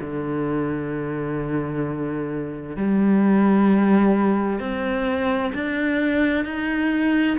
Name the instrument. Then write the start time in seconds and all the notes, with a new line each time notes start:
cello
0.00 D3
2.76 G3
4.59 C4
5.54 D4
6.44 D#4